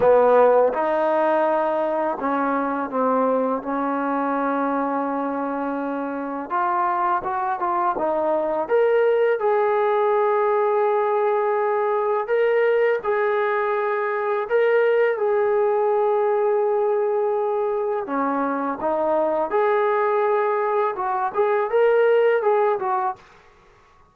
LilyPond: \new Staff \with { instrumentName = "trombone" } { \time 4/4 \tempo 4 = 83 b4 dis'2 cis'4 | c'4 cis'2.~ | cis'4 f'4 fis'8 f'8 dis'4 | ais'4 gis'2.~ |
gis'4 ais'4 gis'2 | ais'4 gis'2.~ | gis'4 cis'4 dis'4 gis'4~ | gis'4 fis'8 gis'8 ais'4 gis'8 fis'8 | }